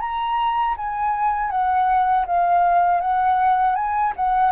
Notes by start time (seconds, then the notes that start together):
0.00 A#5
0.77 G#5
1.50 F#5
2.26 F5
3.00 F#5
3.75 G#5
4.16 F#5